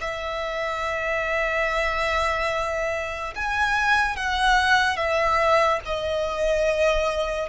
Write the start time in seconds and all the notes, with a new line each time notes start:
0.00 E5
3.35 G#5
4.16 F#5
4.96 E5
5.85 D#5